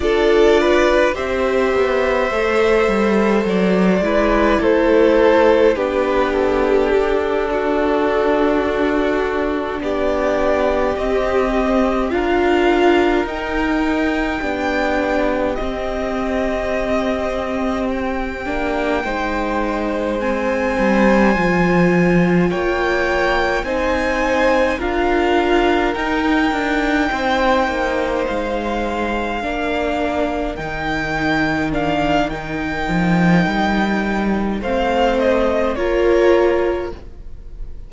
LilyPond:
<<
  \new Staff \with { instrumentName = "violin" } { \time 4/4 \tempo 4 = 52 d''4 e''2 d''4 | c''4 b'8 a'2~ a'8~ | a'8 d''4 dis''4 f''4 g''8~ | g''4. dis''2 g''8~ |
g''4. gis''2 g''8~ | g''8 gis''4 f''4 g''4.~ | g''8 f''2 g''4 f''8 | g''2 f''8 dis''8 cis''4 | }
  \new Staff \with { instrumentName = "violin" } { \time 4/4 a'8 b'8 c''2~ c''8 b'8 | a'4 g'4. fis'4.~ | fis'8 g'2 ais'4.~ | ais'8 g'2.~ g'8~ |
g'8 c''2. cis''8~ | cis''8 c''4 ais'2 c''8~ | c''4. ais'2~ ais'8~ | ais'2 c''4 ais'4 | }
  \new Staff \with { instrumentName = "viola" } { \time 4/4 f'4 g'4 a'4. e'8~ | e'4 d'2.~ | d'4. c'4 f'4 dis'8~ | dis'8 d'4 c'2~ c'8 |
d'8 dis'4 c'4 f'4.~ | f'8 dis'4 f'4 dis'4.~ | dis'4. d'4 dis'4 d'8 | dis'2 c'4 f'4 | }
  \new Staff \with { instrumentName = "cello" } { \time 4/4 d'4 c'8 b8 a8 g8 fis8 gis8 | a4 b4 d'2~ | d'8 b4 c'4 d'4 dis'8~ | dis'8 b4 c'2~ c'8 |
ais8 gis4. g8 f4 ais8~ | ais8 c'4 d'4 dis'8 d'8 c'8 | ais8 gis4 ais4 dis4.~ | dis8 f8 g4 a4 ais4 | }
>>